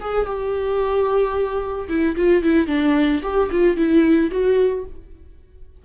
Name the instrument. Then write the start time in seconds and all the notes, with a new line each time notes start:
viola
0.00 G#4
0.26 G4
1.88 E4
2.16 F4
2.43 E4
2.67 D4
3.22 G4
3.51 F4
3.76 E4
4.31 F#4